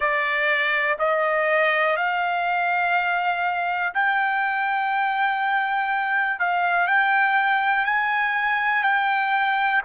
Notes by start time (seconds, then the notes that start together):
0.00 D5
0.98 D#5
1.96 F5
3.93 G5
6.39 F5
6.87 G5
7.85 G#5
8.83 G5